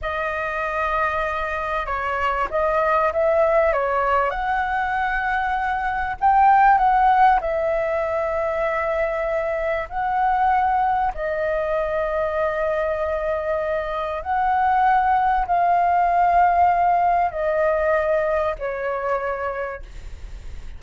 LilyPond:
\new Staff \with { instrumentName = "flute" } { \time 4/4 \tempo 4 = 97 dis''2. cis''4 | dis''4 e''4 cis''4 fis''4~ | fis''2 g''4 fis''4 | e''1 |
fis''2 dis''2~ | dis''2. fis''4~ | fis''4 f''2. | dis''2 cis''2 | }